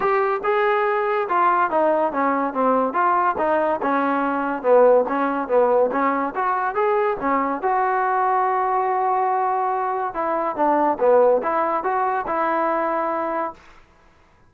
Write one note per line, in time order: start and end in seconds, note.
0.00 0.41 G4
0.43 1.28 G#4
1.28 1.70 F4
1.70 2.12 D#4
2.12 2.53 C#4
2.53 2.93 C4
2.93 3.35 F4
3.38 3.80 D#4
3.81 4.62 C#4
4.62 5.04 B3
5.08 5.48 C#4
5.48 5.90 B3
5.91 6.34 C#4
6.35 6.74 F#4
6.74 7.17 G#4
7.20 7.62 C#4
7.62 10.14 F#4
10.14 10.55 E4
10.55 10.98 D4
10.99 11.41 B3
11.42 11.83 E4
11.83 12.25 F#4
12.27 13.53 E4